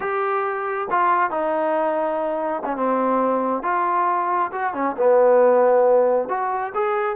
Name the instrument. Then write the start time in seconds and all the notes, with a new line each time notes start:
trombone
0.00 G4
0.90 F4
1.30 D#4
2.65 C#4
2.76 C4
3.63 F4
4.51 F#4
4.73 C#4
4.97 B3
6.28 F#4
6.74 G#4